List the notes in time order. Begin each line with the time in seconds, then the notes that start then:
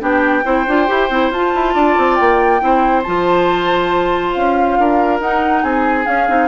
0.00 B3 D4 G4 G5
0.44 C4 E4 C5
0.68 D4 F4
0.87 E4 G4
1.10 C4 E4
1.30 F4 A5
1.55 E4
1.74 D4 D5
1.97 C4
2.15 A#3 G5
2.60 C4 E4 C5
3.03 F3 F4 A5
4.33 C#4 F5
4.78 D4 A#4
5.20 D#4 F#5
5.63 C4 G#4 G#5
6.05 C#4 F5
6.28 C4 D#4